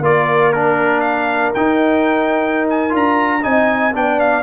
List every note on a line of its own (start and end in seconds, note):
0.00 1.51 A#3
0.00 0.53 F4
0.00 3.42 A#4
0.00 0.53 D5
0.53 1.55 D4
0.53 1.01 A#4
1.01 1.51 F5
1.54 2.90 D#4
1.54 2.94 D#4
1.54 2.68 G5
2.69 2.95 G#5
2.90 3.45 D4
2.90 3.40 F4
2.96 3.44 A#5
3.42 3.95 C4
3.42 3.93 D#4
3.42 3.93 D#5
3.42 3.94 G#5
3.93 4.43 B3
3.93 4.43 D4
3.93 4.43 D5
3.93 4.20 G5
4.20 4.43 F5